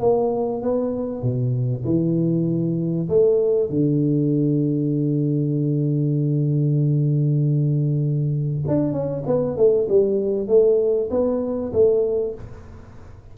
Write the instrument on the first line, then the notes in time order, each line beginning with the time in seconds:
tuba
0.00 A#3
0.62 B3
1.22 B2
1.84 E3
3.09 A3
3.69 D3
8.67 D4
8.92 C#4
9.26 B3
9.57 A3
9.89 G3
10.48 A3
11.10 B3
11.72 A3